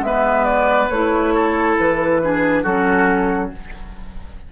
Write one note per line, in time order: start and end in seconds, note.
0.00 0.87 G#3
0.00 0.91 B3
0.00 0.45 E5
0.06 1.34 B4
0.45 0.88 D5
0.89 1.77 A3
0.89 2.23 E4
0.89 1.76 C#5
1.34 2.21 A4
1.79 2.64 E3
1.79 2.64 B4
2.23 2.65 D4
2.23 2.63 G#4
2.63 3.51 F#3
2.63 3.52 C#4
2.63 3.50 F#4
2.63 3.51 A4